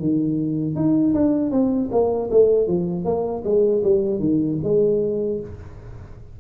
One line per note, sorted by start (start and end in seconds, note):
0.00 0.76 D#3
0.76 1.14 D#4
1.15 1.52 D4
1.52 1.90 C4
1.92 2.30 A#3
2.31 2.68 A3
2.68 3.05 F3
3.05 3.44 A#3
3.45 3.83 G#3
3.84 4.20 G3
4.20 4.58 D#3
4.64 5.41 G#3